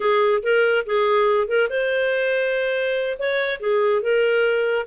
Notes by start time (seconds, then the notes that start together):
0.00 G#4
0.42 A#4
0.86 G#4
1.47 A#4
1.69 C5
3.18 C#5
3.60 G#4
4.02 A#4